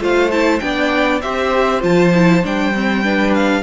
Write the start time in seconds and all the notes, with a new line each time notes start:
0.00 A3 F4 C5 F5
0.31 E4 A5
0.59 B3 D4 D5 G5
1.21 C4 G4 C5 E5
1.81 F3 F4 A5
2.14 E4
2.43 G3 D4 G5
2.74 C4
3.04 D4 B4
3.34 F5